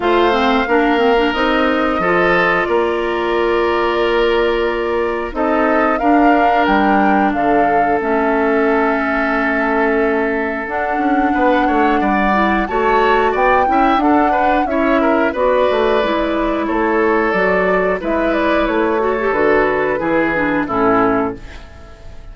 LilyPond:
<<
  \new Staff \with { instrumentName = "flute" } { \time 4/4 \tempo 4 = 90 f''2 dis''2 | d''1 | dis''4 f''4 g''4 f''4 | e''1 |
fis''2. a''4 | g''4 fis''4 e''4 d''4~ | d''4 cis''4 d''4 e''8 d''8 | cis''4 b'2 a'4 | }
  \new Staff \with { instrumentName = "oboe" } { \time 4/4 c''4 ais'2 a'4 | ais'1 | a'4 ais'2 a'4~ | a'1~ |
a'4 b'8 cis''8 d''4 cis''4 | d''8 e''8 a'8 b'8 cis''8 ais'8 b'4~ | b'4 a'2 b'4~ | b'8 a'4. gis'4 e'4 | }
  \new Staff \with { instrumentName = "clarinet" } { \time 4/4 f'8 c'8 d'8 c'16 d'16 dis'4 f'4~ | f'1 | dis'4 d'2. | cis'1 |
d'2~ d'8 e'8 fis'4~ | fis'8 e'8 d'4 e'4 fis'4 | e'2 fis'4 e'4~ | e'8 fis'16 g'16 fis'4 e'8 d'8 cis'4 | }
  \new Staff \with { instrumentName = "bassoon" } { \time 4/4 a4 ais4 c'4 f4 | ais1 | c'4 d'4 g4 d4 | a1 |
d'8 cis'8 b8 a8 g4 a4 | b8 cis'8 d'4 cis'4 b8 a8 | gis4 a4 fis4 gis4 | a4 d4 e4 a,4 | }
>>